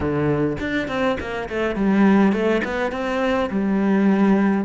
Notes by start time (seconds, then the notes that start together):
0.00 D3
0.60 D4
0.87 C4
1.19 A#3
1.49 A3
1.75 G3
2.32 A3
2.64 B3
2.91 C4
3.50 G3